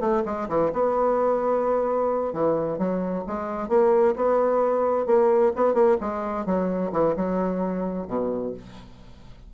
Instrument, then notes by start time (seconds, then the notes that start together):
bassoon
0.00 A3
0.25 G#3
0.48 E3
0.73 B3
2.33 E3
2.78 F#3
3.27 G#3
3.69 A#3
4.16 B3
5.06 A#3
5.55 B3
5.74 A#3
6.00 G#3
6.46 F#3
6.92 E3
7.16 F#3
8.07 B2